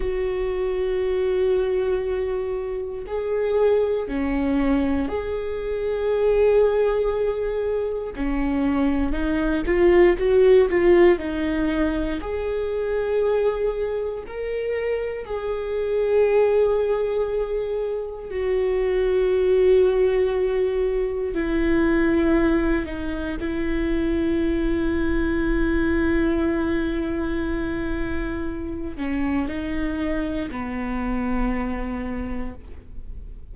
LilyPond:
\new Staff \with { instrumentName = "viola" } { \time 4/4 \tempo 4 = 59 fis'2. gis'4 | cis'4 gis'2. | cis'4 dis'8 f'8 fis'8 f'8 dis'4 | gis'2 ais'4 gis'4~ |
gis'2 fis'2~ | fis'4 e'4. dis'8 e'4~ | e'1~ | e'8 cis'8 dis'4 b2 | }